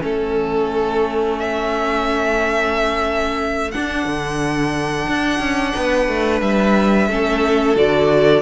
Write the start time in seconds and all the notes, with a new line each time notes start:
0.00 A3 C#4 A4
1.38 E5
3.71 D4 F#5
4.05 D3
5.07 D4
5.39 C#4
5.74 B3 B4
6.07 A3
6.41 G3 E5
7.08 A3 C#4 A4
7.75 D3 F#4 D5